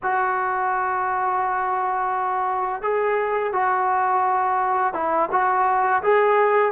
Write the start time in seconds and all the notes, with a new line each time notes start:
0.02 F#4
2.82 G#4
3.52 F#4
4.93 E4
5.31 F#4
6.02 G#4